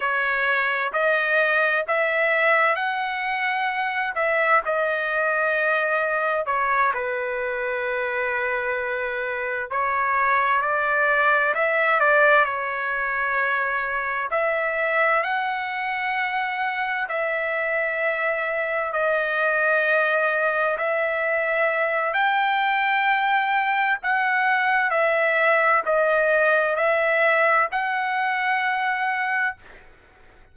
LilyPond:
\new Staff \with { instrumentName = "trumpet" } { \time 4/4 \tempo 4 = 65 cis''4 dis''4 e''4 fis''4~ | fis''8 e''8 dis''2 cis''8 b'8~ | b'2~ b'8 cis''4 d''8~ | d''8 e''8 d''8 cis''2 e''8~ |
e''8 fis''2 e''4.~ | e''8 dis''2 e''4. | g''2 fis''4 e''4 | dis''4 e''4 fis''2 | }